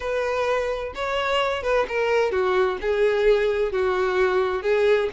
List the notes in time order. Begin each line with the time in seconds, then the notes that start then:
0.00 B4
0.94 C#5
1.63 B4
1.88 A#4
2.31 F#4
2.81 G#4
3.72 F#4
4.62 G#4